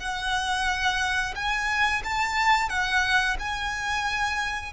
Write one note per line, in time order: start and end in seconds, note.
0.00 1.35 F#5
1.36 2.03 G#5
2.04 2.70 A5
2.70 3.37 F#5
3.40 4.74 G#5